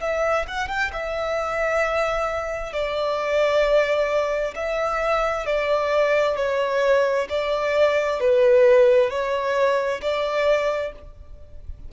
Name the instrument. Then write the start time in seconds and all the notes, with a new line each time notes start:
violin
0.00 E5
0.48 F#5
0.68 G5
0.93 E5
2.73 D5
4.55 E5
5.46 D5
6.36 C#5
7.29 D5
8.20 B4
9.10 C#5
10.01 D5